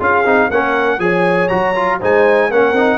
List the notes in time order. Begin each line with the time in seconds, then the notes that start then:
0.00 C#4 F4 G#4 F5
0.25 C4 D#4
0.49 A#3 C#4 A#4 F#5
0.99 F3 G#4 C#5 G#5
1.49 F#3 F#4 A#5
1.76 F4
1.99 G#3 D#4 C5 G#5
2.51 A#3 C#4 A#4 F#5
2.72 C4 D#4